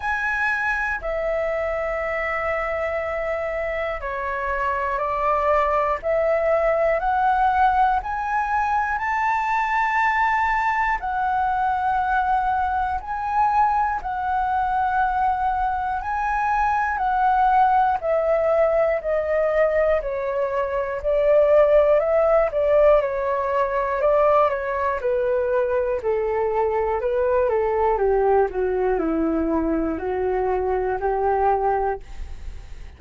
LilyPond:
\new Staff \with { instrumentName = "flute" } { \time 4/4 \tempo 4 = 60 gis''4 e''2. | cis''4 d''4 e''4 fis''4 | gis''4 a''2 fis''4~ | fis''4 gis''4 fis''2 |
gis''4 fis''4 e''4 dis''4 | cis''4 d''4 e''8 d''8 cis''4 | d''8 cis''8 b'4 a'4 b'8 a'8 | g'8 fis'8 e'4 fis'4 g'4 | }